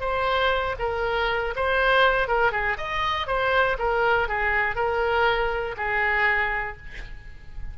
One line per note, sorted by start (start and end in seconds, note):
0.00 0.75 C5
0.79 1.54 A#4
1.55 2.28 C5
2.28 2.52 A#4
2.52 2.77 G#4
2.77 3.27 D#5
3.27 3.77 C5
3.79 4.28 A#4
4.28 4.75 G#4
4.75 5.75 A#4
5.77 6.77 G#4